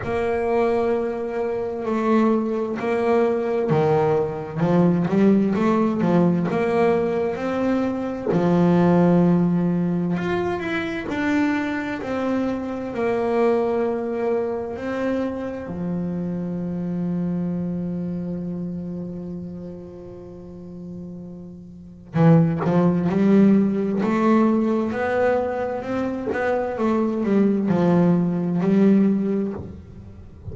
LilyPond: \new Staff \with { instrumentName = "double bass" } { \time 4/4 \tempo 4 = 65 ais2 a4 ais4 | dis4 f8 g8 a8 f8 ais4 | c'4 f2 f'8 e'8 | d'4 c'4 ais2 |
c'4 f2.~ | f1 | e8 f8 g4 a4 b4 | c'8 b8 a8 g8 f4 g4 | }